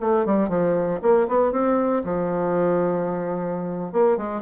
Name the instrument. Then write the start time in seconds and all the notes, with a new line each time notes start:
bassoon
0.00 A3
0.25 G3
0.49 F3
1.01 A#3
1.28 B3
1.52 C4
2.04 F3
3.92 A#3
4.17 G#3